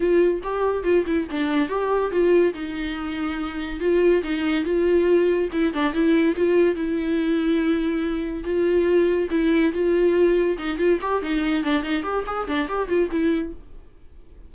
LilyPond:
\new Staff \with { instrumentName = "viola" } { \time 4/4 \tempo 4 = 142 f'4 g'4 f'8 e'8 d'4 | g'4 f'4 dis'2~ | dis'4 f'4 dis'4 f'4~ | f'4 e'8 d'8 e'4 f'4 |
e'1 | f'2 e'4 f'4~ | f'4 dis'8 f'8 g'8 dis'4 d'8 | dis'8 g'8 gis'8 d'8 g'8 f'8 e'4 | }